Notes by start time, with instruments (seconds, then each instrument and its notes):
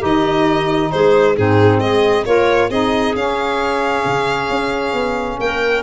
0.00 tuba D#3, saxophone D#4, clarinet G4, violin D#5
0.91 tuba G#3, clarinet G#4, violin C5
1.36 tuba G#2, saxophone C4, clarinet D#4, violin G#4
1.78 tuba G#3, clarinet G#4, violin D#5
2.25 tuba A#3, saxophone F4, clarinet A#4, violin C#5
2.69 tuba C4, saxophone D#4, clarinet G#4, violin D#5
3.15 tuba C#4, saxophone C#4, violin F5
4.05 tuba C#3
4.50 tuba C#4
4.93 tuba B3
5.39 tuba A#3, clarinet A#4, violin G5